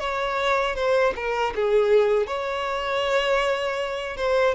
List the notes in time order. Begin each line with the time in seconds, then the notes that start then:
0.00 C#5
0.76 C5
1.16 A#4
1.55 G#4
2.27 C#5
4.17 C5